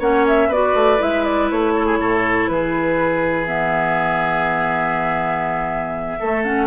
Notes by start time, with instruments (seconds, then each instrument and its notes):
0.00 bassoon A#3, clarinet C#4, oboe C#5, flute F#5
0.28 flute E5
0.49 bassoon B3, clarinet F#4, oboe B4, flute D5
0.74 bassoon A3
0.98 bassoon G#3, clarinet E4, flute E5
1.25 flute D5
1.51 bassoon A3, flute C#5
1.76 oboe A4
1.86 oboe G#4
2.00 bassoon A2, oboe A4
2.48 bassoon E3, oboe G#4, flute B4
3.47 clarinet B3, flute E5
6.20 clarinet A3, bassoon A3, oboe A4
6.44 clarinet C#4, flute F#5